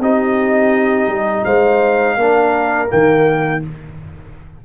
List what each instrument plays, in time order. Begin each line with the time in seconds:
0.00 tuba C4, trombone D#4, horn G4, trumpet D#5
1.08 tuba G3
1.45 tuba G#3, horn C5, trumpet F5
2.17 tuba A#3, trombone D4, horn A#4
2.88 tuba D#3, trombone A#3, trumpet G5